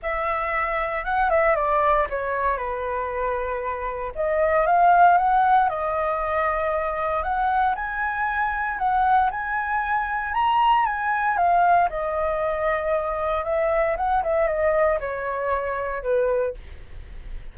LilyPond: \new Staff \with { instrumentName = "flute" } { \time 4/4 \tempo 4 = 116 e''2 fis''8 e''8 d''4 | cis''4 b'2. | dis''4 f''4 fis''4 dis''4~ | dis''2 fis''4 gis''4~ |
gis''4 fis''4 gis''2 | ais''4 gis''4 f''4 dis''4~ | dis''2 e''4 fis''8 e''8 | dis''4 cis''2 b'4 | }